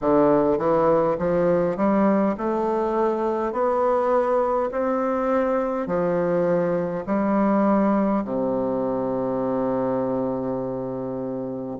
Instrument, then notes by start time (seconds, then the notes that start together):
bassoon
0.01 D3
0.58 E3
1.18 F3
1.76 G3
2.37 A3
3.52 B3
4.71 C4
5.87 F3
7.06 G3
8.24 C3